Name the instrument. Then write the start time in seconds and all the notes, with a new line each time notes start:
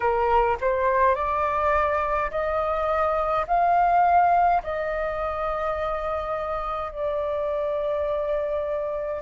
flute
0.00 A#4
0.60 C5
1.15 D5
2.30 D#5
3.47 F5
4.63 D#5
6.91 D5